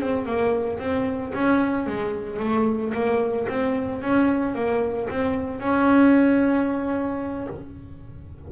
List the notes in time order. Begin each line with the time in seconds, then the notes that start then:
0.00 C4
0.26 A#3
0.79 C4
1.34 C#4
1.86 G#3
2.39 A3
2.93 A#3
3.48 C4
4.01 C#4
4.55 A#3
5.09 C4
5.59 C#4